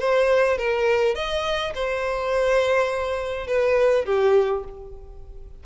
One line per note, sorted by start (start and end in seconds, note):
0.00 0.58 C5
0.58 1.15 A#4
1.15 1.74 D#5
1.75 3.47 C5
3.47 4.06 B4
4.06 4.64 G4